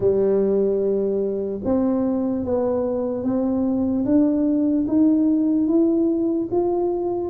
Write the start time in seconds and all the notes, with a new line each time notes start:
0.00 G3
1.64 C4
2.45 B3
3.23 C4
4.05 D4
4.87 D#4
5.67 E4
6.51 F4